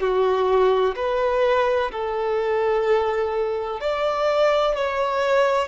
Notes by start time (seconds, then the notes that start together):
0.00 F#4
0.96 B4
1.91 A4
3.81 D5
4.76 C#5